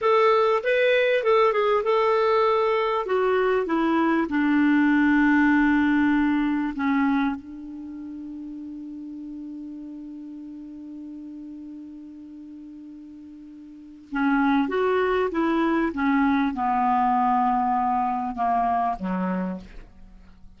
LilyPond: \new Staff \with { instrumentName = "clarinet" } { \time 4/4 \tempo 4 = 98 a'4 b'4 a'8 gis'8 a'4~ | a'4 fis'4 e'4 d'4~ | d'2. cis'4 | d'1~ |
d'1~ | d'2. cis'4 | fis'4 e'4 cis'4 b4~ | b2 ais4 fis4 | }